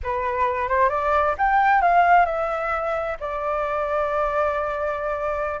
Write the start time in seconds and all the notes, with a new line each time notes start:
0.03 B4
0.68 C5
0.89 D5
1.37 G5
1.81 F5
2.25 E5
3.20 D5